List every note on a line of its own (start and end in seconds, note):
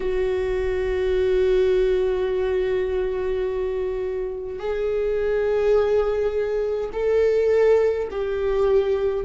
0.00 4.58 F#4
4.58 6.89 G#4
6.92 8.08 A4
8.11 9.25 G4